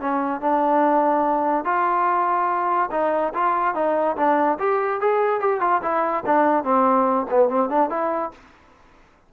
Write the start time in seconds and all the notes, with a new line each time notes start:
0.00 C#4
0.41 D4
1.65 F4
2.91 D#4
3.34 F4
3.75 D#4
4.16 D4
4.59 G4
5.01 G#4
5.40 G4
5.61 F4
5.82 E4
6.26 D4
6.64 C4
7.30 B3
7.49 C4
7.70 D4
7.90 E4